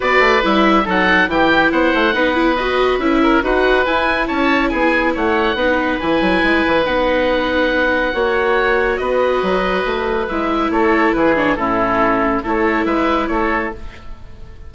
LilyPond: <<
  \new Staff \with { instrumentName = "oboe" } { \time 4/4 \tempo 4 = 140 d''4 e''4 fis''4 g''4 | fis''2 dis''4 e''4 | fis''4 gis''4 a''4 gis''4 | fis''2 gis''2 |
fis''1~ | fis''4 dis''2. | e''4 cis''4 b'8 cis''8 a'4~ | a'4 cis''4 e''4 cis''4 | }
  \new Staff \with { instrumentName = "oboe" } { \time 4/4 b'2 a'4 g'4 | c''4 b'2~ b'8 ais'8 | b'2 cis''4 gis'4 | cis''4 b'2.~ |
b'2. cis''4~ | cis''4 b'2.~ | b'4 a'4 gis'4 e'4~ | e'4 a'4 b'4 a'4 | }
  \new Staff \with { instrumentName = "viola" } { \time 4/4 fis'4 e'4 dis'4 e'4~ | e'4 dis'8 e'8 fis'4 e'4 | fis'4 e'2.~ | e'4 dis'4 e'2 |
dis'2. fis'4~ | fis'1 | e'2~ e'8 d'8 cis'4~ | cis'4 e'2. | }
  \new Staff \with { instrumentName = "bassoon" } { \time 4/4 b8 a8 g4 fis4 e4 | b8 a8 b2 cis'4 | dis'4 e'4 cis'4 b4 | a4 b4 e8 fis8 gis8 e8 |
b2. ais4~ | ais4 b4 fis4 a4 | gis4 a4 e4 a,4~ | a,4 a4 gis4 a4 | }
>>